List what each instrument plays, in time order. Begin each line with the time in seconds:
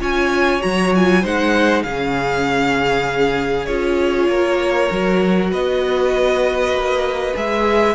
0.00 cello C#4, viola F4, violin C#5 G#5
0.60 cello F#3, viola F#4, violin A#5
0.95 viola F4, violin G#5
1.22 cello G#3, viola D#4, violin C5 F#5
1.83 cello C#3, viola C#4, violin G#4 F5
3.66 cello C#4, viola F4, violin C#5
4.28 cello A#3, violin A#4
4.91 cello F#3, viola F#4
5.51 cello B3, violin B4 D#5
6.72 cello A#3
7.35 cello G#3, viola G#4, violin E5